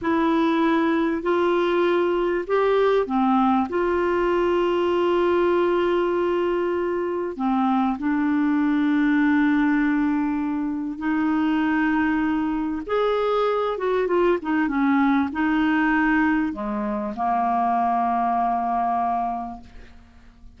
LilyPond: \new Staff \with { instrumentName = "clarinet" } { \time 4/4 \tempo 4 = 98 e'2 f'2 | g'4 c'4 f'2~ | f'1 | c'4 d'2.~ |
d'2 dis'2~ | dis'4 gis'4. fis'8 f'8 dis'8 | cis'4 dis'2 gis4 | ais1 | }